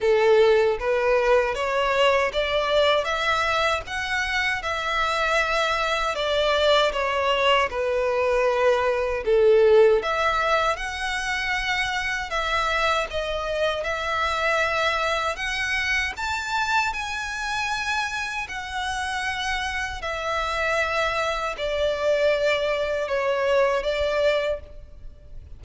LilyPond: \new Staff \with { instrumentName = "violin" } { \time 4/4 \tempo 4 = 78 a'4 b'4 cis''4 d''4 | e''4 fis''4 e''2 | d''4 cis''4 b'2 | a'4 e''4 fis''2 |
e''4 dis''4 e''2 | fis''4 a''4 gis''2 | fis''2 e''2 | d''2 cis''4 d''4 | }